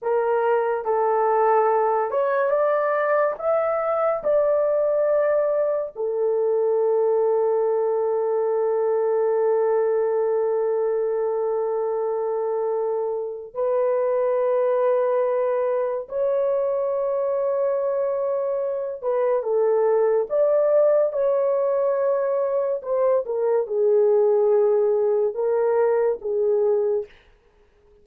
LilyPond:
\new Staff \with { instrumentName = "horn" } { \time 4/4 \tempo 4 = 71 ais'4 a'4. cis''8 d''4 | e''4 d''2 a'4~ | a'1~ | a'1 |
b'2. cis''4~ | cis''2~ cis''8 b'8 a'4 | d''4 cis''2 c''8 ais'8 | gis'2 ais'4 gis'4 | }